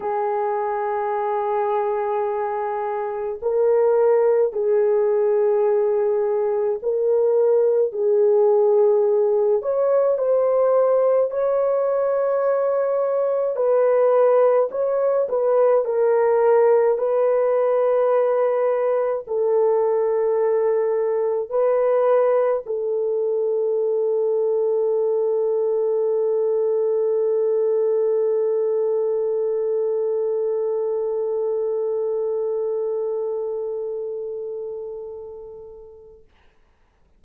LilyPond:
\new Staff \with { instrumentName = "horn" } { \time 4/4 \tempo 4 = 53 gis'2. ais'4 | gis'2 ais'4 gis'4~ | gis'8 cis''8 c''4 cis''2 | b'4 cis''8 b'8 ais'4 b'4~ |
b'4 a'2 b'4 | a'1~ | a'1~ | a'1 | }